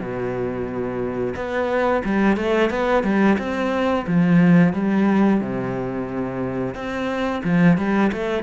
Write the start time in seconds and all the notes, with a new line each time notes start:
0.00 B2
1.36 B3
2.05 G3
2.37 A3
2.70 B3
3.04 G3
3.39 C4
4.07 F3
4.74 G3
5.41 C3
6.75 C4
7.44 F3
7.78 G3
8.13 A3